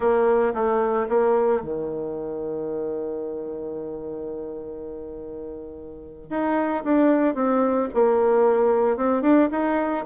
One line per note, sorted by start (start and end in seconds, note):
0.00 0.53 A#3
0.54 1.07 A3
1.08 1.62 A#3
1.62 6.30 D#3
6.30 6.83 D#4
6.84 7.34 D4
7.34 7.88 C4
7.93 8.96 A#3
8.96 9.22 C4
9.22 9.48 D4
9.51 10.04 D#4